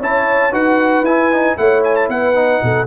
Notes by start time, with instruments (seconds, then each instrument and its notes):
0.00 tuba C#4, trombone E4, horn C#5, trumpet A5
0.52 tuba D#4, trombone F#4, horn B4, trumpet F#5
1.03 tuba E4, trombone E4, trumpet G#5
1.32 trombone D#4
1.57 tuba A3, trombone E4, horn C#5, trumpet F#5
1.84 trumpet G#5
1.96 trumpet A5
2.09 tuba B3, horn B4, trumpet F#5
2.35 trombone D#4
2.63 tuba B2, horn A4